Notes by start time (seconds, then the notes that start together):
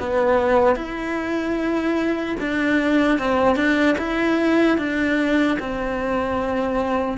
0.00 B3
0.76 E4
2.40 D4
3.19 C4
3.56 D4
3.99 E4
4.78 D4
5.60 C4